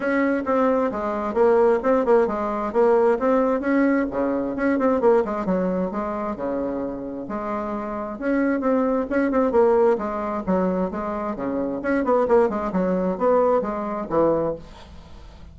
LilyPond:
\new Staff \with { instrumentName = "bassoon" } { \time 4/4 \tempo 4 = 132 cis'4 c'4 gis4 ais4 | c'8 ais8 gis4 ais4 c'4 | cis'4 cis4 cis'8 c'8 ais8 gis8 | fis4 gis4 cis2 |
gis2 cis'4 c'4 | cis'8 c'8 ais4 gis4 fis4 | gis4 cis4 cis'8 b8 ais8 gis8 | fis4 b4 gis4 e4 | }